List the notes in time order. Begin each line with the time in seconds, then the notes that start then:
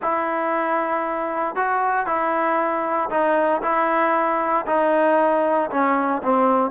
0.01 E4
1.55 F#4
2.06 E4
3.10 D#4
3.62 E4
4.66 D#4
5.70 C#4
6.22 C4